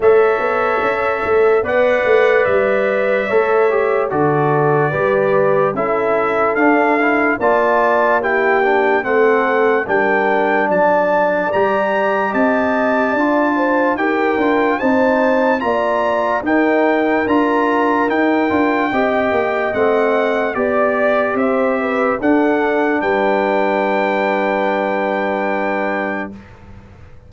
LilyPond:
<<
  \new Staff \with { instrumentName = "trumpet" } { \time 4/4 \tempo 4 = 73 e''2 fis''4 e''4~ | e''4 d''2 e''4 | f''4 a''4 g''4 fis''4 | g''4 a''4 ais''4 a''4~ |
a''4 g''4 a''4 ais''4 | g''4 ais''4 g''2 | fis''4 d''4 e''4 fis''4 | g''1 | }
  \new Staff \with { instrumentName = "horn" } { \time 4/4 cis''2 d''2 | cis''4 a'4 b'4 a'4~ | a'4 d''4 g'4 a'4 | ais'4 d''2 dis''4 |
d''8 c''8 ais'4 c''4 d''4 | ais'2. dis''4~ | dis''4 d''4 c''8 b'8 a'4 | b'1 | }
  \new Staff \with { instrumentName = "trombone" } { \time 4/4 a'2 b'2 | a'8 g'8 fis'4 g'4 e'4 | d'8 e'8 f'4 e'8 d'8 c'4 | d'2 g'2 |
f'4 g'8 f'8 dis'4 f'4 | dis'4 f'4 dis'8 f'8 g'4 | c'4 g'2 d'4~ | d'1 | }
  \new Staff \with { instrumentName = "tuba" } { \time 4/4 a8 b8 cis'8 a8 b8 a8 g4 | a4 d4 g4 cis'4 | d'4 ais2 a4 | g4 fis4 g4 c'4 |
d'4 dis'8 d'8 c'4 ais4 | dis'4 d'4 dis'8 d'8 c'8 ais8 | a4 b4 c'4 d'4 | g1 | }
>>